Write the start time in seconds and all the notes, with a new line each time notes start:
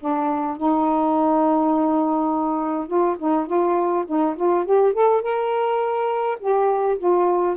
0.00 D4
0.57 D#4
2.88 F4
3.19 D#4
3.47 F4
4.07 D#4
4.36 F4
4.66 G4
4.94 A4
5.22 A#4
6.40 G4
6.98 F4